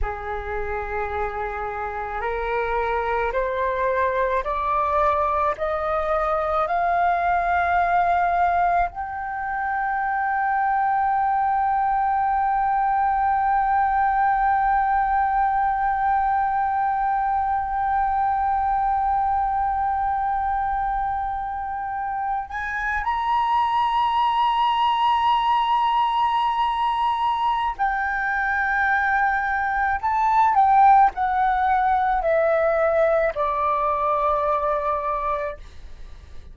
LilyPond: \new Staff \with { instrumentName = "flute" } { \time 4/4 \tempo 4 = 54 gis'2 ais'4 c''4 | d''4 dis''4 f''2 | g''1~ | g''1~ |
g''1~ | g''16 gis''8 ais''2.~ ais''16~ | ais''4 g''2 a''8 g''8 | fis''4 e''4 d''2 | }